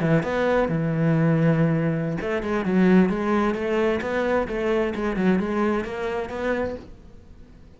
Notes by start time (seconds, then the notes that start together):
0.00 E3
0.23 B3
0.68 E3
2.20 A3
2.42 G#3
2.65 F#3
3.09 G#3
3.54 A3
4.01 B3
4.47 A3
4.95 G#3
5.16 F#3
5.39 G#3
5.84 A#3
6.29 B3